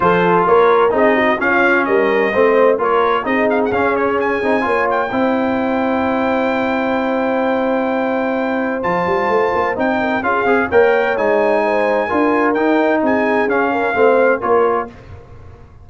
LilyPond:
<<
  \new Staff \with { instrumentName = "trumpet" } { \time 4/4 \tempo 4 = 129 c''4 cis''4 dis''4 f''4 | dis''2 cis''4 dis''8 f''16 fis''16 | f''8 cis''8 gis''4. g''4.~ | g''1~ |
g''2. a''4~ | a''4 g''4 f''4 g''4 | gis''2. g''4 | gis''4 f''2 cis''4 | }
  \new Staff \with { instrumentName = "horn" } { \time 4/4 a'4 ais'4 gis'8 fis'8 f'4 | ais'4 c''4 ais'4 gis'4~ | gis'2 cis''4 c''4~ | c''1~ |
c''1~ | c''4. ais'8 gis'4 cis''4~ | cis''4 c''4 ais'2 | gis'4. ais'8 c''4 ais'4 | }
  \new Staff \with { instrumentName = "trombone" } { \time 4/4 f'2 dis'4 cis'4~ | cis'4 c'4 f'4 dis'4 | cis'4. dis'8 f'4 e'4~ | e'1~ |
e'2. f'4~ | f'4 dis'4 f'8 gis'8 ais'4 | dis'2 f'4 dis'4~ | dis'4 cis'4 c'4 f'4 | }
  \new Staff \with { instrumentName = "tuba" } { \time 4/4 f4 ais4 c'4 cis'4 | g4 a4 ais4 c'4 | cis'4. c'8 ais4 c'4~ | c'1~ |
c'2. f8 g8 | a8 ais8 c'4 cis'8 c'8 ais4 | gis2 d'4 dis'4 | c'4 cis'4 a4 ais4 | }
>>